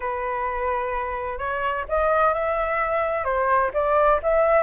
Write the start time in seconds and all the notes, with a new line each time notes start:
0.00 B4
1.38 C#5
1.88 D#5
2.33 E5
3.24 C5
3.73 D5
4.22 E5